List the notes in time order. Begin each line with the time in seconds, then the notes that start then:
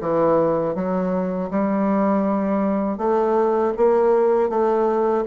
0.00 E3
0.74 F#3
1.50 G3
2.98 A3
3.76 A#3
4.49 A3